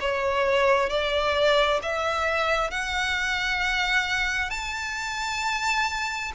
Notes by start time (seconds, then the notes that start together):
0.00 C#5
0.89 D5
1.82 E5
2.71 F#5
4.50 A5